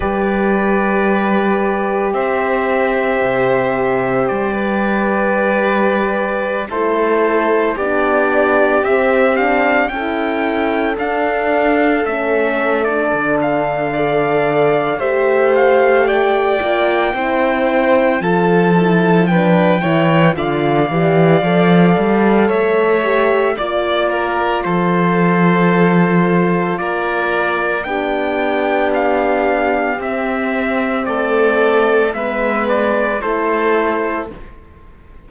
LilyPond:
<<
  \new Staff \with { instrumentName = "trumpet" } { \time 4/4 \tempo 4 = 56 d''2 e''2 | d''2~ d''16 c''4 d''8.~ | d''16 e''8 f''8 g''4 f''4 e''8. | d''8 f''4. e''8 f''8 g''4~ |
g''4 a''4 g''4 f''4~ | f''4 e''4 d''4 c''4~ | c''4 d''4 g''4 f''4 | e''4 d''4 e''8 d''8 c''4 | }
  \new Staff \with { instrumentName = "violin" } { \time 4/4 b'2 c''2~ | c''16 b'2 a'4 g'8.~ | g'4~ g'16 a'2~ a'8.~ | a'4 d''4 c''4 d''4 |
c''4 a'4 b'8 cis''8 d''4~ | d''4 cis''4 d''8 ais'8 a'4~ | a'4 ais'4 g'2~ | g'4 a'4 b'4 a'4 | }
  \new Staff \with { instrumentName = "horn" } { \time 4/4 g'1~ | g'2~ g'16 e'4 d'8.~ | d'16 c'8 d'8 e'4 d'4 cis'8. | d'4 a'4 g'4. f'8 |
e'4 f'8 e'8 d'8 e'8 f'8 g'8 | a'4. g'8 f'2~ | f'2 d'2 | c'2 b4 e'4 | }
  \new Staff \with { instrumentName = "cello" } { \time 4/4 g2 c'4 c4 | g2~ g16 a4 b8.~ | b16 c'4 cis'4 d'4 a8.~ | a16 d4.~ d16 a4. ais8 |
c'4 f4. e8 d8 e8 | f8 g8 a4 ais4 f4~ | f4 ais4 b2 | c'4 a4 gis4 a4 | }
>>